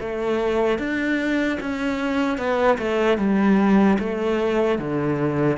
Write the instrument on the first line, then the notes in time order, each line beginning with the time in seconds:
cello
0.00 A3
0.79 D4
1.60 C#4
2.38 B3
2.78 A3
3.18 G3
3.99 A3
4.79 D3